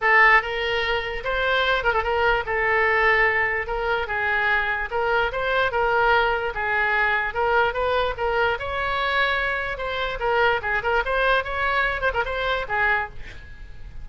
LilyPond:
\new Staff \with { instrumentName = "oboe" } { \time 4/4 \tempo 4 = 147 a'4 ais'2 c''4~ | c''8 ais'16 a'16 ais'4 a'2~ | a'4 ais'4 gis'2 | ais'4 c''4 ais'2 |
gis'2 ais'4 b'4 | ais'4 cis''2. | c''4 ais'4 gis'8 ais'8 c''4 | cis''4. c''16 ais'16 c''4 gis'4 | }